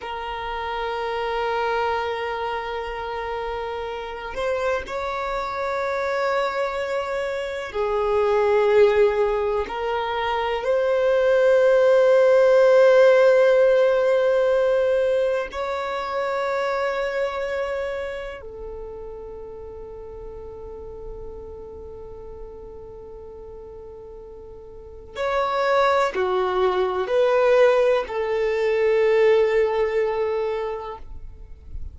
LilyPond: \new Staff \with { instrumentName = "violin" } { \time 4/4 \tempo 4 = 62 ais'1~ | ais'8 c''8 cis''2. | gis'2 ais'4 c''4~ | c''1 |
cis''2. a'4~ | a'1~ | a'2 cis''4 fis'4 | b'4 a'2. | }